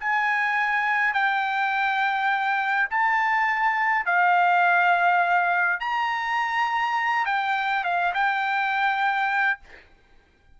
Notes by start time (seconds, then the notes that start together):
0.00 G#5
1.14 G5
2.90 A5
4.06 F5
5.80 A#5
7.26 G5
7.84 F5
8.14 G5